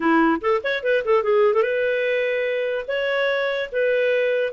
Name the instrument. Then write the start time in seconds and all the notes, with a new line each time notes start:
clarinet
0.00 E4
0.41 A4
0.63 C#5
0.83 B4
1.04 A4
1.23 G#4
1.53 A4
1.62 B4
2.87 C#5
3.72 B4